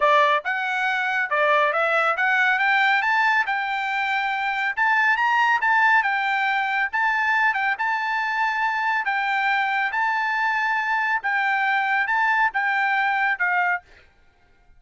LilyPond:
\new Staff \with { instrumentName = "trumpet" } { \time 4/4 \tempo 4 = 139 d''4 fis''2 d''4 | e''4 fis''4 g''4 a''4 | g''2. a''4 | ais''4 a''4 g''2 |
a''4. g''8 a''2~ | a''4 g''2 a''4~ | a''2 g''2 | a''4 g''2 f''4 | }